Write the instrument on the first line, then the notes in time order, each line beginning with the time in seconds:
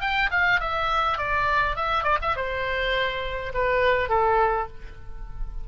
oboe
0.00 G5
0.31 F5
0.60 E5
1.18 D5
1.76 E5
2.03 D5
2.21 E5
2.36 C5
3.53 B4
4.09 A4